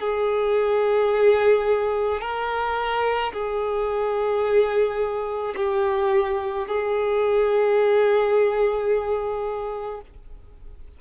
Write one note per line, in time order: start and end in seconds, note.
0.00 2.21 G#4
2.21 3.32 A#4
3.32 5.55 G#4
5.56 6.67 G4
6.68 10.01 G#4